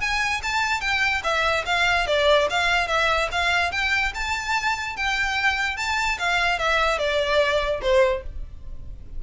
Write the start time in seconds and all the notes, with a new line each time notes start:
0.00 G#5
0.43 A5
0.81 G5
1.23 E5
1.66 F5
2.07 D5
2.50 F5
2.87 E5
3.31 F5
3.71 G5
4.14 A5
4.96 G5
5.77 A5
6.19 F5
6.58 E5
6.98 D5
7.81 C5